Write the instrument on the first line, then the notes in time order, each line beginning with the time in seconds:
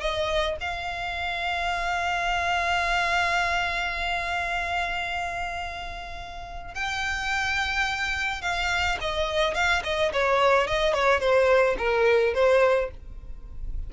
violin
0.00 D#5
0.60 F5
6.74 G5
8.42 F5
9.01 D#5
9.54 F5
9.84 D#5
10.13 C#5
10.67 D#5
10.93 C#5
11.20 C5
11.78 A#4
12.34 C5